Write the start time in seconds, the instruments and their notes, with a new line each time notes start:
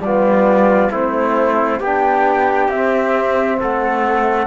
0.00 cello G3, trombone B3, trumpet F4, flute D5
0.91 cello A3, trombone C4, trumpet E4, flute C5
1.80 cello B3, trombone D4, trumpet G4, flute G5
2.69 cello C4, trombone C4, flute E5
3.60 cello A3, trumpet A4, flute F#5